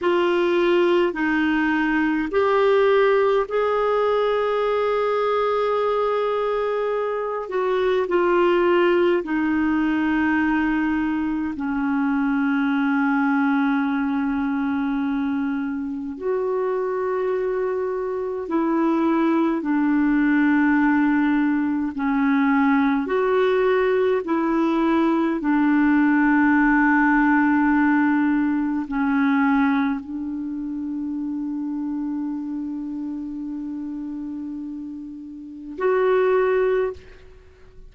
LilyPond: \new Staff \with { instrumentName = "clarinet" } { \time 4/4 \tempo 4 = 52 f'4 dis'4 g'4 gis'4~ | gis'2~ gis'8 fis'8 f'4 | dis'2 cis'2~ | cis'2 fis'2 |
e'4 d'2 cis'4 | fis'4 e'4 d'2~ | d'4 cis'4 d'2~ | d'2. fis'4 | }